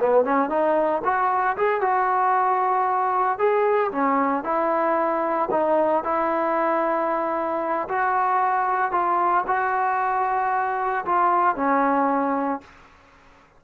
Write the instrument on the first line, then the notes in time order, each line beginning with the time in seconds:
trombone
0.00 B3
0.25 C#4
0.50 D#4
1.05 F#4
1.57 G#4
1.81 F#4
3.39 G#4
3.92 C#4
4.44 E4
5.51 D#4
6.04 E4
7.89 F#4
8.92 F4
9.47 F#4
11.06 F4
11.56 C#4